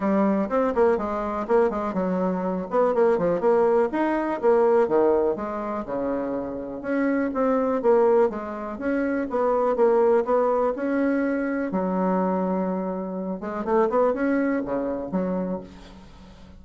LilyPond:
\new Staff \with { instrumentName = "bassoon" } { \time 4/4 \tempo 4 = 123 g4 c'8 ais8 gis4 ais8 gis8 | fis4. b8 ais8 f8 ais4 | dis'4 ais4 dis4 gis4 | cis2 cis'4 c'4 |
ais4 gis4 cis'4 b4 | ais4 b4 cis'2 | fis2.~ fis8 gis8 | a8 b8 cis'4 cis4 fis4 | }